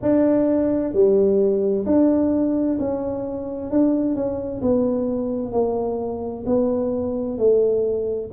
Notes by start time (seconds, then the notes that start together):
0.02 D4
0.93 G3
1.85 D4
2.79 C#4
3.70 D4
4.15 C#4
4.61 B3
5.51 A#3
6.46 B3
7.38 A3